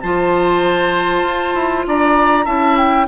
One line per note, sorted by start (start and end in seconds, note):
0.00 1.22 F3
0.00 2.45 F4
0.00 1.86 C5
0.00 1.84 A5
1.22 1.52 F4
1.54 1.85 E4
1.87 2.46 D4
1.87 2.45 D5
1.87 2.46 A#5
2.45 3.07 C#4
2.45 3.07 E4
2.45 3.06 E5
2.45 2.77 A5
2.77 3.07 G5